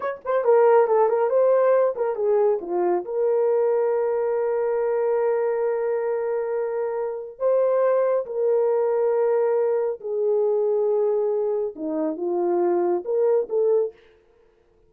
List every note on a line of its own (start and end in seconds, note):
0.00 0.21 C#5
0.24 0.44 C5
0.44 0.87 A#4
0.87 1.08 A4
1.08 1.29 A#4
1.29 1.94 C5
1.95 2.15 A#4
2.15 2.59 G#4
2.61 3.04 F4
3.04 7.38 A#4
7.38 8.25 C5
8.26 10.00 A#4
10.00 11.74 G#4
11.75 12.16 D#4
12.16 13.03 F4
13.04 13.48 A#4
13.49 13.92 A4